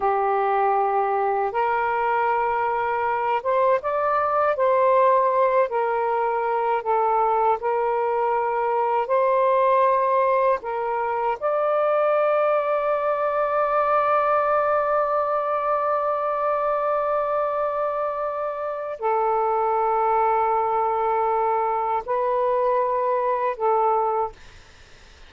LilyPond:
\new Staff \with { instrumentName = "saxophone" } { \time 4/4 \tempo 4 = 79 g'2 ais'2~ | ais'8 c''8 d''4 c''4. ais'8~ | ais'4 a'4 ais'2 | c''2 ais'4 d''4~ |
d''1~ | d''1~ | d''4 a'2.~ | a'4 b'2 a'4 | }